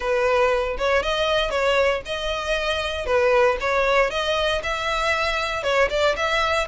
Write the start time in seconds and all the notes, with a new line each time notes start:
0.00 B4
0.77 C#5
1.02 D#5
1.50 C#5
2.05 D#5
3.05 B4
3.60 C#5
4.10 D#5
4.63 E5
5.63 C#5
5.90 D5
6.16 E5